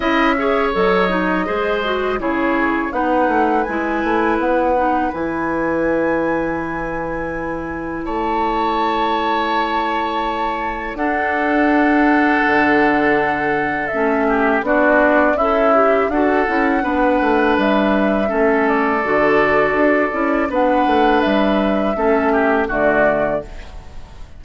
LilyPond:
<<
  \new Staff \with { instrumentName = "flute" } { \time 4/4 \tempo 4 = 82 e''4 dis''2 cis''4 | fis''4 gis''4 fis''4 gis''4~ | gis''2. a''4~ | a''2. fis''4~ |
fis''2. e''4 | d''4 e''4 fis''2 | e''4. d''2~ d''8 | fis''4 e''2 d''4 | }
  \new Staff \with { instrumentName = "oboe" } { \time 4/4 dis''8 cis''4. c''4 gis'4 | b'1~ | b'2. cis''4~ | cis''2. a'4~ |
a'2.~ a'8 g'8 | fis'4 e'4 a'4 b'4~ | b'4 a'2. | b'2 a'8 g'8 fis'4 | }
  \new Staff \with { instrumentName = "clarinet" } { \time 4/4 e'8 gis'8 a'8 dis'8 gis'8 fis'8 e'4 | dis'4 e'4. dis'8 e'4~ | e'1~ | e'2. d'4~ |
d'2. cis'4 | d'4 a'8 g'8 fis'8 e'8 d'4~ | d'4 cis'4 fis'4. e'8 | d'2 cis'4 a4 | }
  \new Staff \with { instrumentName = "bassoon" } { \time 4/4 cis'4 fis4 gis4 cis4 | b8 a8 gis8 a8 b4 e4~ | e2. a4~ | a2. d'4~ |
d'4 d2 a4 | b4 cis'4 d'8 cis'8 b8 a8 | g4 a4 d4 d'8 cis'8 | b8 a8 g4 a4 d4 | }
>>